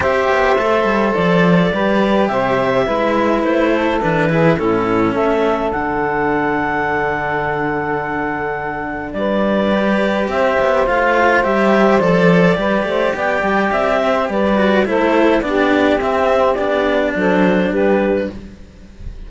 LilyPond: <<
  \new Staff \with { instrumentName = "clarinet" } { \time 4/4 \tempo 4 = 105 e''2 d''2 | e''2 c''4 b'4 | a'4 e''4 fis''2~ | fis''1 |
d''2 e''4 f''4 | e''4 d''2 g''4 | e''4 d''4 c''4 d''4 | e''4 d''4 c''4 b'4 | }
  \new Staff \with { instrumentName = "saxophone" } { \time 4/4 c''2. b'4 | c''4 b'4. a'4 gis'8 | e'4 a'2.~ | a'1 |
b'2 c''2~ | c''2 b'8 c''8 d''4~ | d''8 c''8 b'4 a'4 g'4~ | g'2 a'4 g'4 | }
  \new Staff \with { instrumentName = "cello" } { \time 4/4 g'4 a'2 g'4~ | g'4 e'2 d'8 e'8 | cis'2 d'2~ | d'1~ |
d'4 g'2 f'4 | g'4 a'4 g'2~ | g'4. fis'8 e'4 d'4 | c'4 d'2. | }
  \new Staff \with { instrumentName = "cello" } { \time 4/4 c'8 b8 a8 g8 f4 g4 | c4 gis4 a4 e4 | a,4 a4 d2~ | d1 |
g2 c'8 b8 a4 | g4 f4 g8 a8 b8 g8 | c'4 g4 a4 b4 | c'4 b4 fis4 g4 | }
>>